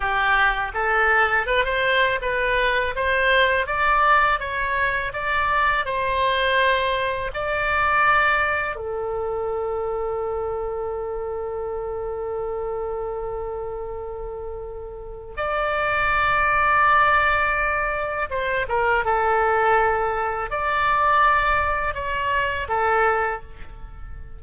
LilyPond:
\new Staff \with { instrumentName = "oboe" } { \time 4/4 \tempo 4 = 82 g'4 a'4 b'16 c''8. b'4 | c''4 d''4 cis''4 d''4 | c''2 d''2 | a'1~ |
a'1~ | a'4 d''2.~ | d''4 c''8 ais'8 a'2 | d''2 cis''4 a'4 | }